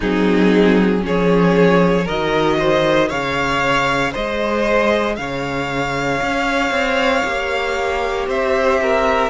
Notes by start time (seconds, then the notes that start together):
0.00 F#3 C4 D#4 G#4
1.00 F3 C#4 G#4 C#5
2.04 D#3 F#4 A#4 D#5
2.58 C5
3.08 C#3 G#4 C#5 F5
4.12 G#3 C5 D#5
5.16 C#3 C#5 F5
6.22 C#4
6.70 C4
7.24 A#3 G4
8.27 C4 C5 E5
8.81 A#4